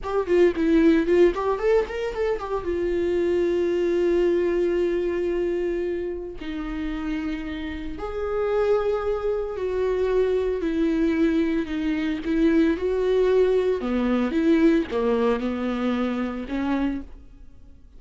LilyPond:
\new Staff \with { instrumentName = "viola" } { \time 4/4 \tempo 4 = 113 g'8 f'8 e'4 f'8 g'8 a'8 ais'8 | a'8 g'8 f'2.~ | f'1 | dis'2. gis'4~ |
gis'2 fis'2 | e'2 dis'4 e'4 | fis'2 b4 e'4 | ais4 b2 cis'4 | }